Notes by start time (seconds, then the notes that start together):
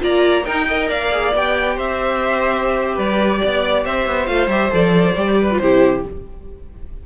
0.00 A#3 F4 D5 A#5
0.45 D#4 A#4 G5
0.68 A#4 D#5
0.90 A#3 D5 F5
1.13 G#4
1.34 B3 G4 G5
1.76 C4 C5 E5
2.95 G3 B4 D5
3.42 B3 D5
3.85 C4 C5 E5
4.08 B3
4.27 A3 F4 F5
4.48 G3 G4 E5
4.71 F3 A4 D5
5.16 G3 G4
5.41 B4
5.51 F4
5.58 C3 E4 G4 C5